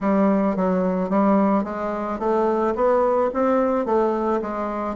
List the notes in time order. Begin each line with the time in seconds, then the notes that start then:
0.01 G3
0.56 F#3
1.09 G3
1.64 G#3
2.19 A3
2.75 B3
3.33 C4
3.85 A3
4.41 G#3